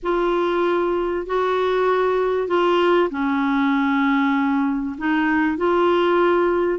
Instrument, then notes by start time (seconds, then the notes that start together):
clarinet
0.03 F4
1.26 F#4
2.47 F4
3.10 C#4
4.97 D#4
5.57 F4